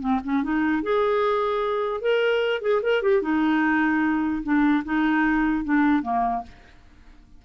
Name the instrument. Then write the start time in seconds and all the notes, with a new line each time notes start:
clarinet
0.00 C4
0.24 C#4
0.43 D#4
0.83 G#4
2.01 A#4
2.61 G#4
2.82 A#4
3.02 G4
3.22 D#4
4.43 D4
4.84 D#4
5.64 D4
6.02 A#3